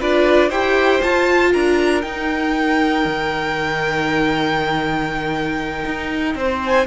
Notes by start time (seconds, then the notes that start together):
0.00 D4 F4 B4 D5
0.49 E4 G4 C5 G5
1.02 F4 A5
1.51 D4 A#4 A#5
2.01 D#4 G5
3.05 D#3
5.85 D#4
6.35 C4 C5
6.65 G#5